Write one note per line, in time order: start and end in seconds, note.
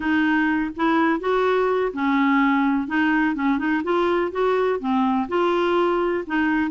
0.00 0.71 D#4
0.76 1.20 E4
1.20 1.92 F#4
1.93 2.87 C#4
2.87 3.35 D#4
3.35 3.58 C#4
3.58 3.82 D#4
3.83 4.31 F4
4.31 4.79 F#4
4.79 5.27 C4
5.28 6.24 F4
6.26 6.70 D#4